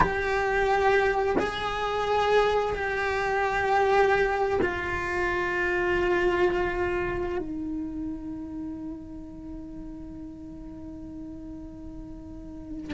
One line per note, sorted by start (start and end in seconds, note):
0.00 1.36 G4
1.38 2.74 G#4
2.74 4.59 G4
4.62 7.38 F4
7.38 12.92 D#4